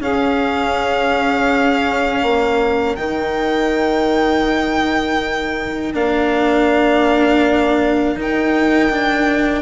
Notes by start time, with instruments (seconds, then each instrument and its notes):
0.00 bassoon C#4, cello C#4, saxophone G#4, violin F5
2.23 bassoon A#3, saxophone A#4
2.96 bassoon D#3, cello D#4, violin G5
5.94 bassoon A#3, cello D4, violin F5
8.16 bassoon D#3, cello D#4, violin G5
8.90 cello D4